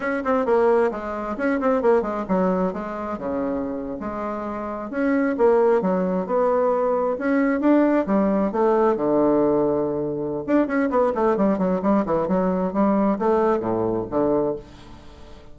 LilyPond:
\new Staff \with { instrumentName = "bassoon" } { \time 4/4 \tempo 4 = 132 cis'8 c'8 ais4 gis4 cis'8 c'8 | ais8 gis8 fis4 gis4 cis4~ | cis8. gis2 cis'4 ais16~ | ais8. fis4 b2 cis'16~ |
cis'8. d'4 g4 a4 d16~ | d2. d'8 cis'8 | b8 a8 g8 fis8 g8 e8 fis4 | g4 a4 a,4 d4 | }